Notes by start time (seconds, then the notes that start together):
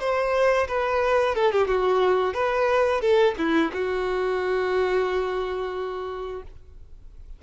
0.00 C5
0.68 B4
1.35 A4
1.52 G4
1.67 F#4
2.34 B4
3.01 A4
3.38 E4
3.73 F#4